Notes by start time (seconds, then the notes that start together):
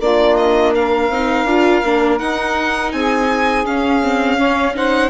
0.00 A#3 D4 F4 D5
0.37 D#5
0.75 A#4 F5
1.10 C4 D#4
1.45 D4 F4
1.84 A#3 D4
2.19 D#4 F#5
2.93 C4 G#4 G#5
3.65 C#4 F5
4.03 C4
4.37 C#4 C#5
4.75 D#4 C5 F#5